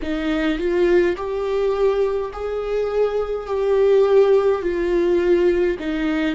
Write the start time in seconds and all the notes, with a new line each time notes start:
0.02 D#4
0.58 F4
1.16 G4
2.32 G#4
3.46 G4
4.62 F4
5.79 D#4